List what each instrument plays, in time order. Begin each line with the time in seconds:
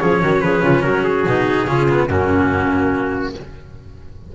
0.00 double bass F3, cello C#4, clarinet G#4, trumpet C#5
0.21 double bass D#3, clarinet F#4
0.41 double bass F3, clarinet G#4, trumpet B4
0.63 double bass C#3, clarinet F4
0.82 double bass F#3, clarinet F#4, trumpet A#4
1.04 trumpet G#4
1.26 double bass B2, cello D#4
1.67 double bass C#3, cello C#4, clarinet F4
1.89 cello B3
2.08 double bass F#2, cello A#3, clarinet C#4, trumpet F#4